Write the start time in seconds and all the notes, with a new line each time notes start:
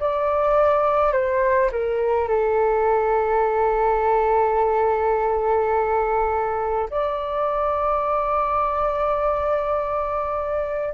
0.00 D5
1.13 C5
1.72 A#4
2.29 A4
6.90 D5